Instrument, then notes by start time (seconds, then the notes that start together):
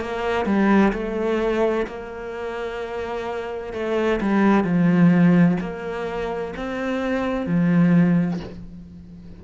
cello
0.00 A#3
0.45 G3
0.92 A3
1.87 A#3
3.73 A3
4.20 G3
4.64 F3
5.60 A#3
6.56 C4
7.46 F3